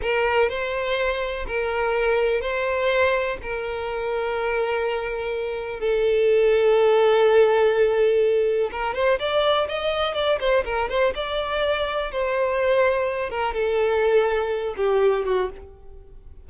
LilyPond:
\new Staff \with { instrumentName = "violin" } { \time 4/4 \tempo 4 = 124 ais'4 c''2 ais'4~ | ais'4 c''2 ais'4~ | ais'1 | a'1~ |
a'2 ais'8 c''8 d''4 | dis''4 d''8 c''8 ais'8 c''8 d''4~ | d''4 c''2~ c''8 ais'8 | a'2~ a'8 g'4 fis'8 | }